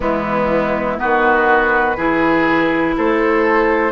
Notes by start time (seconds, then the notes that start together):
0.00 E3 G#3 B3 E4
0.98 D#3 B3 F#4 B4
1.96 E3 E4 G#4
2.97 A3 A4 C5